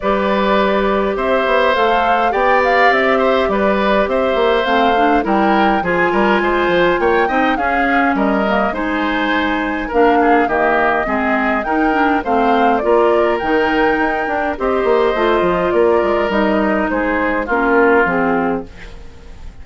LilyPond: <<
  \new Staff \with { instrumentName = "flute" } { \time 4/4 \tempo 4 = 103 d''2 e''4 f''4 | g''8 f''8 e''4 d''4 e''4 | f''4 g''4 gis''2 | g''4 f''4 dis''4 gis''4~ |
gis''4 f''4 dis''2 | g''4 f''4 d''4 g''4~ | g''4 dis''2 d''4 | dis''4 c''4 ais'4 gis'4 | }
  \new Staff \with { instrumentName = "oboe" } { \time 4/4 b'2 c''2 | d''4. c''8 b'4 c''4~ | c''4 ais'4 gis'8 ais'8 c''4 | cis''8 dis''8 gis'4 ais'4 c''4~ |
c''4 ais'8 gis'8 g'4 gis'4 | ais'4 c''4 ais'2~ | ais'4 c''2 ais'4~ | ais'4 gis'4 f'2 | }
  \new Staff \with { instrumentName = "clarinet" } { \time 4/4 g'2. a'4 | g'1 | c'8 d'8 e'4 f'2~ | f'8 dis'8 cis'4. ais8 dis'4~ |
dis'4 d'4 ais4 c'4 | dis'8 d'8 c'4 f'4 dis'4~ | dis'8 d'8 g'4 f'2 | dis'2 cis'4 c'4 | }
  \new Staff \with { instrumentName = "bassoon" } { \time 4/4 g2 c'8 b8 a4 | b4 c'4 g4 c'8 ais8 | a4 g4 f8 g8 gis8 f8 | ais8 c'8 cis'4 g4 gis4~ |
gis4 ais4 dis4 gis4 | dis'4 a4 ais4 dis4 | dis'8 d'8 c'8 ais8 a8 f8 ais8 gis8 | g4 gis4 ais4 f4 | }
>>